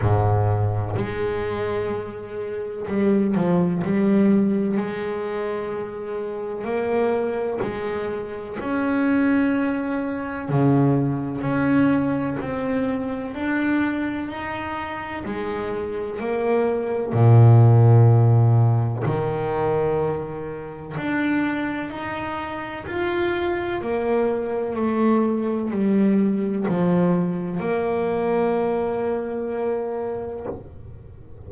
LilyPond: \new Staff \with { instrumentName = "double bass" } { \time 4/4 \tempo 4 = 63 gis,4 gis2 g8 f8 | g4 gis2 ais4 | gis4 cis'2 cis4 | cis'4 c'4 d'4 dis'4 |
gis4 ais4 ais,2 | dis2 d'4 dis'4 | f'4 ais4 a4 g4 | f4 ais2. | }